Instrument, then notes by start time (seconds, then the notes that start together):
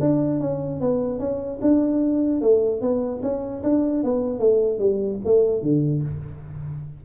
tuba
0.00 D4
0.40 C#4
0.80 B3
1.19 C#4
1.62 D4
2.41 A3
2.81 B3
3.22 C#4
3.63 D4
4.03 B3
4.39 A3
4.79 G3
5.25 A3
5.62 D3